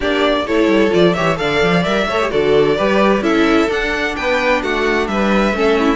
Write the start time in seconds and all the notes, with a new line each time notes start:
0.00 A#3 D4 G4 D5
0.46 A3 E4 A4 C#5
0.67 G3
0.90 F3 F4 D5
1.13 E3 G4 C#5 E5
1.35 D3 A4 D5 F5
1.62 F3
1.83 G3 A#4 E5
2.07 A3 A4 C#5
2.22 G4
2.30 D3 F#4 A4 D5
2.76 G3 G4 B4
3.21 C#4 E4 A4 E5
3.68 D4 F#5
4.15 B3 B4 G5
4.62 A3 F#4 F#5
5.07 G3 B4 E5
5.52 A3 C#4 A4
5.79 E4